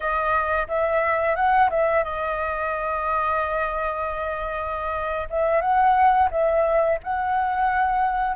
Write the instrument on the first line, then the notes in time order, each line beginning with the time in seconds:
flute
0.00 D#5
0.68 E5
1.35 F#5
1.70 E5
2.04 D#5
5.30 E5
5.61 F#5
6.31 E5
7.03 F#5